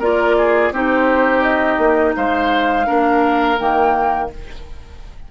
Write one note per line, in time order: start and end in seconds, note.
0.00 0.72 A#3
0.00 0.74 F4
0.00 0.36 A#4
0.00 0.73 D5
0.38 0.73 G#4
0.72 1.78 C4
0.72 2.86 D#4
0.72 2.16 G4
0.72 1.42 C5
1.42 2.14 D#5
1.78 2.14 A#3
2.16 2.88 G#3
2.16 2.87 C5
2.16 3.59 F5
2.86 3.60 A#3
2.86 3.57 D4
2.86 4.30 A#4
3.59 4.31 D#3
3.59 4.31 A#3
3.59 4.30 G5